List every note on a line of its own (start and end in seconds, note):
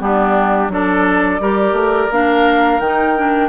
0.00 0.69 G3
0.00 0.70 B3
0.00 0.73 D4
0.00 0.70 G4
0.69 1.39 F#3
0.69 1.41 D4
0.69 1.42 A4
0.69 2.12 D5
1.40 1.73 G3
1.40 2.11 G4
1.40 3.49 A#4
1.73 2.08 A3
2.11 2.80 A#3
2.11 2.82 D4
2.11 2.80 F5
2.80 3.49 D#3
2.80 3.16 D#4
2.80 3.49 G5
3.16 3.49 D4